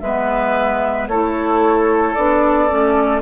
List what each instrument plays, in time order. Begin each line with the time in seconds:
0.00 bassoon G#3, clarinet B3, oboe B4, flute E5
1.08 bassoon A3, clarinet E4, oboe A4, flute C#5
2.14 bassoon B3, clarinet D4, flute D5
2.68 bassoon A3, clarinet C#4